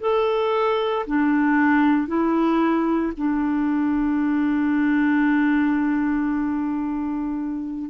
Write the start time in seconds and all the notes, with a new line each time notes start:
0.00 A4
1.07 D4
2.07 E4
3.17 D4